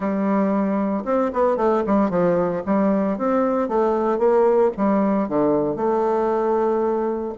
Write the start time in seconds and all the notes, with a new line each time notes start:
0.00 G3
1.05 C4
1.33 B3
1.56 A3
1.86 G3
2.10 F3
2.66 G3
3.17 C4
3.68 A3
4.18 A#3
4.77 G3
5.28 D3
5.75 A3